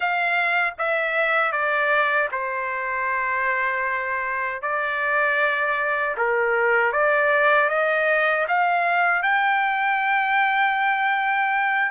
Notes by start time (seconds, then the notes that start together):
0.00 F5
0.78 E5
1.51 D5
2.31 C5
4.62 D5
6.17 A#4
6.92 D5
7.69 D#5
8.48 F5
9.22 G5